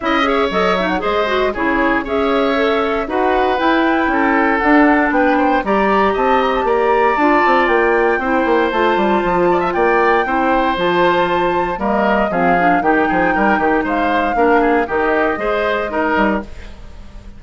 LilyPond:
<<
  \new Staff \with { instrumentName = "flute" } { \time 4/4 \tempo 4 = 117 e''4 dis''8 e''16 fis''16 dis''4 cis''4 | e''2 fis''4 g''4~ | g''4 fis''4 g''4 ais''4 | a''8 ais''16 a''16 ais''4 a''4 g''4~ |
g''4 a''2 g''4~ | g''4 a''2 dis''4 | f''4 g''2 f''4~ | f''4 dis''2. | }
  \new Staff \with { instrumentName = "oboe" } { \time 4/4 dis''8 cis''4. c''4 gis'4 | cis''2 b'2 | a'2 b'8 c''8 d''4 | dis''4 d''2. |
c''2~ c''8 d''16 e''16 d''4 | c''2. ais'4 | gis'4 g'8 gis'8 ais'8 g'8 c''4 | ais'8 gis'8 g'4 c''4 ais'4 | }
  \new Staff \with { instrumentName = "clarinet" } { \time 4/4 e'8 gis'8 a'8 dis'8 gis'8 fis'8 e'4 | gis'4 a'4 fis'4 e'4~ | e'4 d'2 g'4~ | g'2 f'2 |
e'4 f'2. | e'4 f'2 ais4 | c'8 d'8 dis'2. | d'4 dis'4 gis'4 dis'4 | }
  \new Staff \with { instrumentName = "bassoon" } { \time 4/4 cis'4 fis4 gis4 cis4 | cis'2 dis'4 e'4 | cis'4 d'4 b4 g4 | c'4 ais4 d'8 c'8 ais4 |
c'8 ais8 a8 g8 f4 ais4 | c'4 f2 g4 | f4 dis8 f8 g8 dis8 gis4 | ais4 dis4 gis4. g8 | }
>>